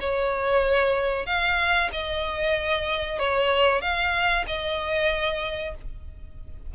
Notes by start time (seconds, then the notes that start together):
0.00 C#5
1.26 F5
1.92 D#5
3.19 C#5
3.81 F5
4.47 D#5